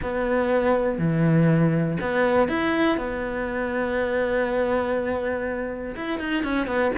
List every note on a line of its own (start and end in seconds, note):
0.02 0.98 B3
0.98 1.97 E3
2.00 2.48 B3
2.48 2.97 E4
2.97 5.95 B3
5.95 6.19 E4
6.19 6.43 D#4
6.43 6.66 C#4
6.66 6.91 B3